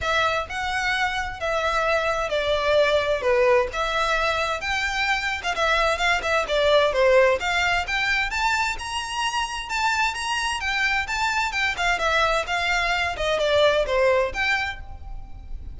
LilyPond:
\new Staff \with { instrumentName = "violin" } { \time 4/4 \tempo 4 = 130 e''4 fis''2 e''4~ | e''4 d''2 b'4 | e''2 g''4.~ g''16 f''16 | e''4 f''8 e''8 d''4 c''4 |
f''4 g''4 a''4 ais''4~ | ais''4 a''4 ais''4 g''4 | a''4 g''8 f''8 e''4 f''4~ | f''8 dis''8 d''4 c''4 g''4 | }